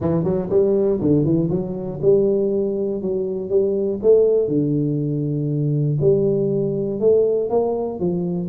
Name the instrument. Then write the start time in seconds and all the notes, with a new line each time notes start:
tuba
0.00 E3
0.24 F#3
0.50 G3
1.00 D3
1.24 E3
1.50 F#3
2.02 G3
3.01 F#3
3.49 G3
4.02 A3
4.48 D3
6.00 G3
7.00 A3
7.49 A#3
7.99 F3